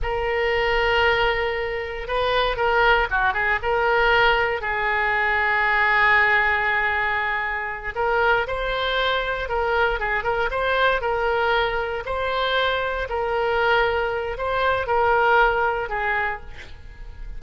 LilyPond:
\new Staff \with { instrumentName = "oboe" } { \time 4/4 \tempo 4 = 117 ais'1 | b'4 ais'4 fis'8 gis'8 ais'4~ | ais'4 gis'2.~ | gis'2.~ gis'8 ais'8~ |
ais'8 c''2 ais'4 gis'8 | ais'8 c''4 ais'2 c''8~ | c''4. ais'2~ ais'8 | c''4 ais'2 gis'4 | }